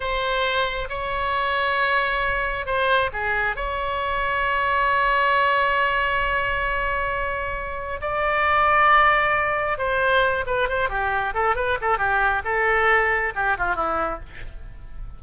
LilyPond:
\new Staff \with { instrumentName = "oboe" } { \time 4/4 \tempo 4 = 135 c''2 cis''2~ | cis''2 c''4 gis'4 | cis''1~ | cis''1~ |
cis''2 d''2~ | d''2 c''4. b'8 | c''8 g'4 a'8 b'8 a'8 g'4 | a'2 g'8 f'8 e'4 | }